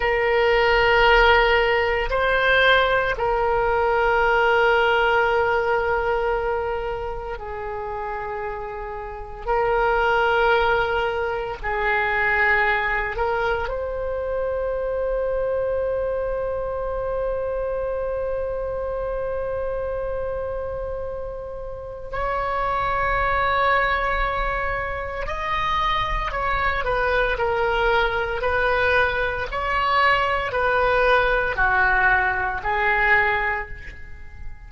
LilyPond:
\new Staff \with { instrumentName = "oboe" } { \time 4/4 \tempo 4 = 57 ais'2 c''4 ais'4~ | ais'2. gis'4~ | gis'4 ais'2 gis'4~ | gis'8 ais'8 c''2.~ |
c''1~ | c''4 cis''2. | dis''4 cis''8 b'8 ais'4 b'4 | cis''4 b'4 fis'4 gis'4 | }